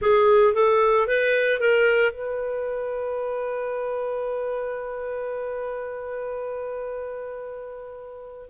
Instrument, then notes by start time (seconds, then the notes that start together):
clarinet
0.01 G#4
0.54 A4
1.07 B4
1.60 A#4
2.12 B4